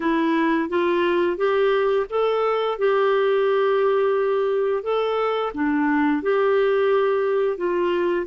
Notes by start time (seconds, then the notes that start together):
0.00 E4
0.69 F4
1.37 G4
2.09 A4
2.78 G4
4.83 A4
5.54 D4
6.22 G4
7.57 F4